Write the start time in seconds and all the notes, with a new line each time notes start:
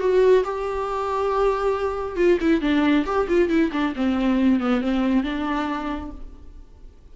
0.00 F#4
0.44 G4
2.16 F4
2.40 E4
2.61 D4
3.06 G4
3.28 F4
3.49 E4
3.72 D4
3.96 C4
4.60 B3
4.82 C4
5.23 D4